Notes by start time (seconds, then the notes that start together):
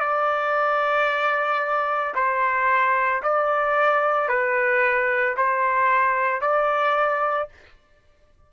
0.00 D5
2.15 C5
3.23 D5
4.29 B4
5.37 C5
6.41 D5